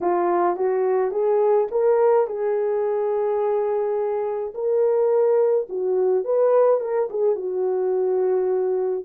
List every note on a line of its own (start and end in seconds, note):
0.01 0.56 F4
0.56 1.11 F#4
1.11 1.67 G#4
1.71 2.27 A#4
2.27 4.53 G#4
4.54 5.67 A#4
5.69 6.24 F#4
6.24 6.80 B4
6.80 7.08 A#4
7.10 7.35 G#4
7.35 9.04 F#4